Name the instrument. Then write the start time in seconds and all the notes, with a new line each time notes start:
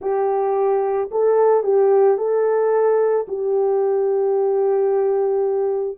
horn
0.00 G4
1.11 A4
1.63 G4
2.17 A4
3.28 G4